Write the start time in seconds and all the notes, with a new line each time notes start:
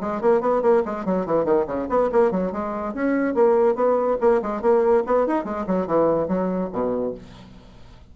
0.00 G#3
0.21 A#3
0.41 B3
0.62 A#3
0.85 G#3
1.05 F#3
1.26 E3
1.45 D#3
1.67 C#3
1.89 B3
2.12 A#3
2.31 F#3
2.52 G#3
2.94 C#4
3.34 A#3
3.75 B3
4.21 A#3
4.42 G#3
4.62 A#3
5.06 B3
5.26 D#4
5.44 G#3
5.66 F#3
5.87 E3
6.28 F#3
6.72 B2